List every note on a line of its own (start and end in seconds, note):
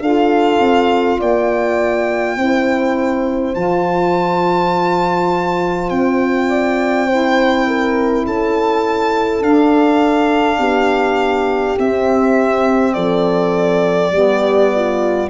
0.00 0.59 D4
0.00 2.37 F4
0.00 1.20 A4
0.00 1.20 F5
0.60 1.18 C4
1.20 2.37 A#3
1.20 2.37 D5
1.20 3.55 G5
2.37 3.54 C4
2.37 3.54 E4
2.37 6.49 C5
3.54 5.91 F3
3.54 7.07 F4
3.54 5.90 A5
5.90 8.26 C4
5.90 8.25 G5
6.49 7.07 D5
7.07 9.42 E4
7.07 7.66 C5
7.67 8.26 A#4
8.26 9.42 C#4
8.26 10.59 A4
8.26 9.43 A5
9.42 10.59 D4
9.42 11.78 D4
9.42 11.78 F5
10.59 11.76 B3
10.59 12.94 G4
11.78 14.13 C4
11.78 12.96 C4
11.78 12.94 E5
12.94 14.12 F3
12.94 14.13 A4
12.94 15.29 D5
14.12 15.29 G3
14.12 15.30 B3
14.12 14.73 G4
14.75 15.30 F4